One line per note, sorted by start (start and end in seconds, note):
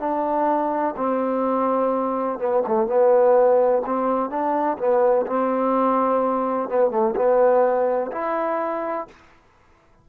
0.00 0.95 D4
0.97 2.39 C4
2.39 2.63 B3
2.68 2.87 A3
2.87 3.82 B3
3.86 4.30 C4
4.30 4.77 D4
4.78 5.26 B3
5.27 6.69 C4
6.69 6.91 B3
6.91 7.15 A3
7.16 8.12 B3
8.12 9.07 E4